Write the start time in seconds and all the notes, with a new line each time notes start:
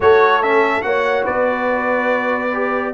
0.00 A3 F#4 A4 C#5
0.42 C#4 E5
0.82 A#3 F#4 C#5 F#5
1.24 B3 B4 D5
2.53 G4